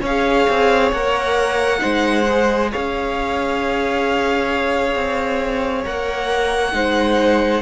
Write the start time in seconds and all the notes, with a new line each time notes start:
0.00 C#4 C#5 F5
0.07 G#4
0.49 C4
0.91 A#3 A#4 F#5
1.78 G#3 D#4 C5
2.27 G#4
2.71 C#4 C#5 F5
4.95 C4
5.84 A#3 A#4 F#5
6.72 G#3 D#4 C5